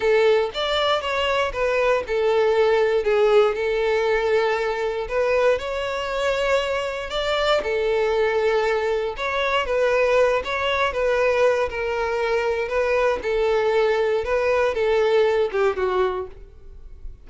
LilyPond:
\new Staff \with { instrumentName = "violin" } { \time 4/4 \tempo 4 = 118 a'4 d''4 cis''4 b'4 | a'2 gis'4 a'4~ | a'2 b'4 cis''4~ | cis''2 d''4 a'4~ |
a'2 cis''4 b'4~ | b'8 cis''4 b'4. ais'4~ | ais'4 b'4 a'2 | b'4 a'4. g'8 fis'4 | }